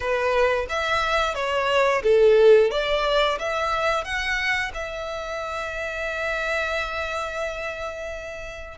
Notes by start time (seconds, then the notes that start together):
0.00 B4
0.69 E5
1.35 C#5
2.03 A4
2.71 D5
3.38 E5
4.04 F#5
4.73 E5